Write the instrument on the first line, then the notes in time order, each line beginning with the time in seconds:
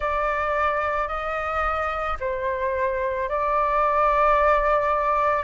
flute
0.00 D5
1.08 D#5
2.20 C5
3.29 D5